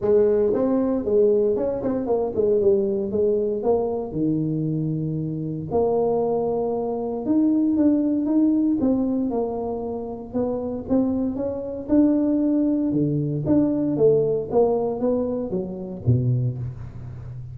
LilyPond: \new Staff \with { instrumentName = "tuba" } { \time 4/4 \tempo 4 = 116 gis4 c'4 gis4 cis'8 c'8 | ais8 gis8 g4 gis4 ais4 | dis2. ais4~ | ais2 dis'4 d'4 |
dis'4 c'4 ais2 | b4 c'4 cis'4 d'4~ | d'4 d4 d'4 a4 | ais4 b4 fis4 b,4 | }